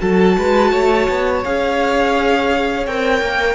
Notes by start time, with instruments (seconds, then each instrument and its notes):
0.00 cello F#3, viola F#4, violin A4 A5
0.38 cello G#3, violin B4
0.71 cello A3, violin C#5
1.09 cello B3
1.44 cello C#4, viola G#4, violin F5
2.87 cello C4, viola A#4, violin G5
3.22 cello A#3